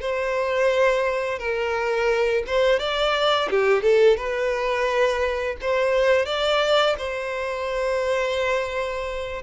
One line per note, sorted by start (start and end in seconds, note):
0.00 1.39 C5
1.39 2.43 A#4
2.46 2.79 C5
2.79 3.49 D5
3.50 3.82 G4
3.82 4.17 A4
4.17 5.56 B4
5.61 6.25 C5
6.25 6.95 D5
6.98 9.42 C5